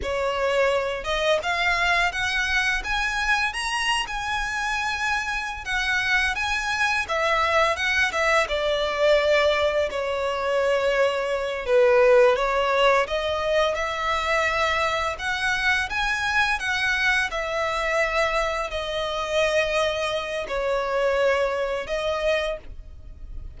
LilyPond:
\new Staff \with { instrumentName = "violin" } { \time 4/4 \tempo 4 = 85 cis''4. dis''8 f''4 fis''4 | gis''4 ais''8. gis''2~ gis''16 | fis''4 gis''4 e''4 fis''8 e''8 | d''2 cis''2~ |
cis''8 b'4 cis''4 dis''4 e''8~ | e''4. fis''4 gis''4 fis''8~ | fis''8 e''2 dis''4.~ | dis''4 cis''2 dis''4 | }